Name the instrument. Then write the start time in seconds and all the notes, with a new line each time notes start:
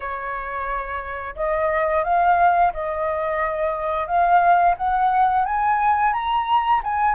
flute
0.00 C#5
1.35 D#5
2.04 F5
2.73 D#5
4.07 F5
4.77 F#5
5.45 G#5
6.13 A#5
6.83 G#5